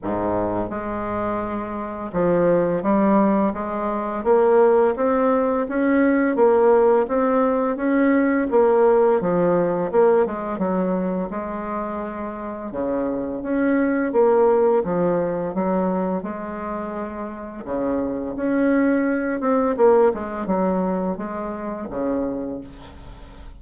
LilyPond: \new Staff \with { instrumentName = "bassoon" } { \time 4/4 \tempo 4 = 85 gis,4 gis2 f4 | g4 gis4 ais4 c'4 | cis'4 ais4 c'4 cis'4 | ais4 f4 ais8 gis8 fis4 |
gis2 cis4 cis'4 | ais4 f4 fis4 gis4~ | gis4 cis4 cis'4. c'8 | ais8 gis8 fis4 gis4 cis4 | }